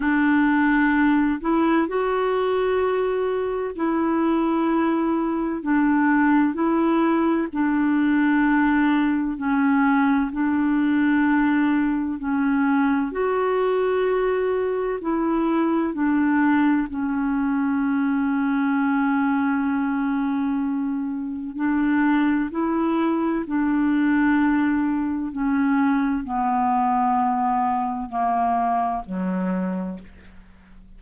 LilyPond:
\new Staff \with { instrumentName = "clarinet" } { \time 4/4 \tempo 4 = 64 d'4. e'8 fis'2 | e'2 d'4 e'4 | d'2 cis'4 d'4~ | d'4 cis'4 fis'2 |
e'4 d'4 cis'2~ | cis'2. d'4 | e'4 d'2 cis'4 | b2 ais4 fis4 | }